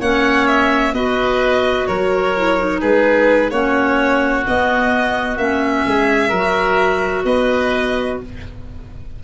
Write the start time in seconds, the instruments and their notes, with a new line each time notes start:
0.00 tuba A#3, clarinet C#4, oboe C#5, violin F#5
0.47 violin E5
0.93 tuba B3, clarinet F#4, oboe B4, violin D#5
1.87 tuba F#3, oboe A#4, violin C#5
2.36 clarinet E4
2.59 clarinet D#4
2.81 tuba G#3, oboe G#4, violin B4
3.50 tuba A#3, clarinet C#4, oboe F#4, violin C#5
4.46 clarinet B3, tuba B3, violin D#5
5.37 tuba A#3, clarinet C#4, violin E5
5.86 tuba G#3, oboe G#4
6.29 tuba F#3, oboe A#4
6.36 clarinet F#4
7.25 tuba B3, oboe B4, violin D#5